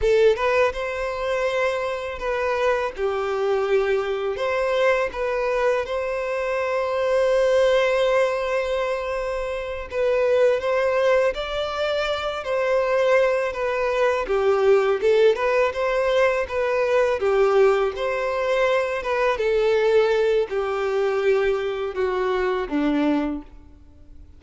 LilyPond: \new Staff \with { instrumentName = "violin" } { \time 4/4 \tempo 4 = 82 a'8 b'8 c''2 b'4 | g'2 c''4 b'4 | c''1~ | c''4. b'4 c''4 d''8~ |
d''4 c''4. b'4 g'8~ | g'8 a'8 b'8 c''4 b'4 g'8~ | g'8 c''4. b'8 a'4. | g'2 fis'4 d'4 | }